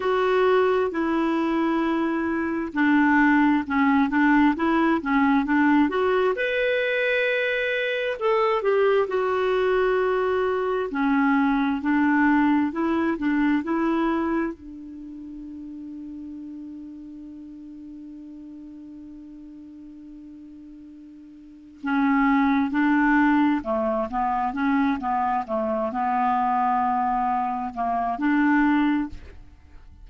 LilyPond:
\new Staff \with { instrumentName = "clarinet" } { \time 4/4 \tempo 4 = 66 fis'4 e'2 d'4 | cis'8 d'8 e'8 cis'8 d'8 fis'8 b'4~ | b'4 a'8 g'8 fis'2 | cis'4 d'4 e'8 d'8 e'4 |
d'1~ | d'1 | cis'4 d'4 a8 b8 cis'8 b8 | a8 b2 ais8 d'4 | }